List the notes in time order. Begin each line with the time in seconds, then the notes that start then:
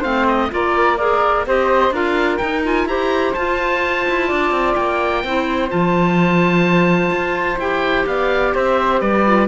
0.00 A3 C4 C5 F5
0.28 D#5
0.51 A#3 F4 A#4 D5
0.98 G#4 A#4 D5
1.47 C4 G4 C5 D#5
1.91 D4 F4 A#4 F5
2.38 D#4 G5
2.65 F4 G#5
2.86 E4 G4 C5 A#5
3.34 F4 A5
4.09 E4
4.28 D4 D5
4.51 C4
4.76 A#3 G5
5.24 C4 E4 C5
5.69 F3 F4 A5
7.11 F4
7.59 E4 G4 G5
8.06 B3 D5 F5
8.55 C4 C5 E5
9.00 G3 B4 D5
9.26 F4